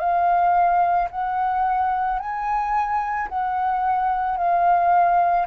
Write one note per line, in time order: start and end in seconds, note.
0.00 1.09 F5
1.11 2.20 F#5
2.20 3.29 G#5
3.29 4.38 F#5
4.38 5.47 F5